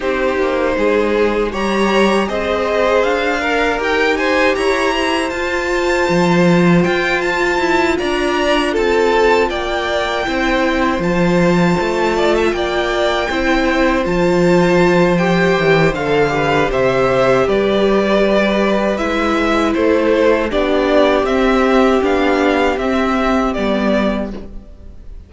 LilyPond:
<<
  \new Staff \with { instrumentName = "violin" } { \time 4/4 \tempo 4 = 79 c''2 ais''4 dis''4 | f''4 g''8 gis''8 ais''4 a''4~ | a''4 g''8 a''4 ais''4 a''8~ | a''8 g''2 a''4.~ |
a''8 g''2 a''4. | g''4 f''4 e''4 d''4~ | d''4 e''4 c''4 d''4 | e''4 f''4 e''4 d''4 | }
  \new Staff \with { instrumentName = "violin" } { \time 4/4 g'4 gis'4 cis''4 c''4~ | c''8 ais'4 c''8 cis''8 c''4.~ | c''2~ c''8 d''4 a'8~ | a'8 d''4 c''2~ c''8 |
d''16 e''16 d''4 c''2~ c''8~ | c''4. b'8 c''4 b'4~ | b'2 a'4 g'4~ | g'1 | }
  \new Staff \with { instrumentName = "viola" } { \time 4/4 dis'2 g'4 gis'4~ | gis'8 ais'8 g'2 f'4~ | f'1~ | f'4. e'4 f'4.~ |
f'4. e'4 f'4. | g'4 a'8 g'2~ g'8~ | g'4 e'2 d'4 | c'4 d'4 c'4 b4 | }
  \new Staff \with { instrumentName = "cello" } { \time 4/4 c'8 ais8 gis4 g4 c'4 | d'4 dis'4 e'4 f'4 | f4 f'4 e'8 d'4 c'8~ | c'8 ais4 c'4 f4 a8~ |
a8 ais4 c'4 f4.~ | f8 e8 d4 c4 g4~ | g4 gis4 a4 b4 | c'4 b4 c'4 g4 | }
>>